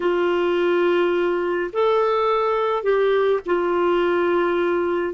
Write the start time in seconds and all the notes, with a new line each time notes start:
0.00 F4
1.72 A4
2.83 G4
3.46 F4